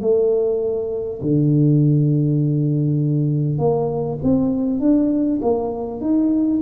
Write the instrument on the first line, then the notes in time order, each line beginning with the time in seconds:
tuba
0.00 A3
1.22 D3
3.58 A#3
4.23 C4
4.79 D4
5.41 A#3
6.01 D#4